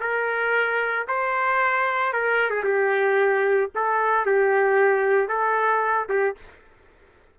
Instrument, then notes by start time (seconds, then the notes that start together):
trumpet
0.00 A#4
1.08 C5
2.13 A#4
2.50 G#4
2.64 G4
3.75 A4
4.25 G4
5.28 A4
6.09 G4